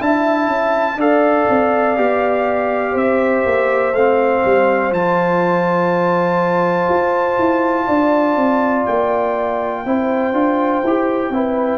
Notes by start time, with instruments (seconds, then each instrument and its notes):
0.00 tuba D4, trombone E4, horn E5, trumpet A5
0.48 tuba C#4
0.97 tuba D4, trombone A4, horn D5, trumpet F5
1.50 tuba C4
1.97 tuba B3, trombone G4
2.93 tuba C4, horn C5, trumpet E5
3.46 tuba A#3
3.94 tuba A3, trombone C4, trumpet F5
4.45 tuba G3
4.92 tuba F3, trombone F4, trumpet A5
6.89 tuba F4
7.39 tuba E4
7.87 tuba D4, horn D5
8.37 tuba C4
8.86 tuba A#3, trumpet G5
9.86 tuba C4, trombone E4, horn C5
10.33 tuba D4, trombone F4
10.84 tuba E4, trombone G4
11.30 tuba C4, trombone E4, horn B4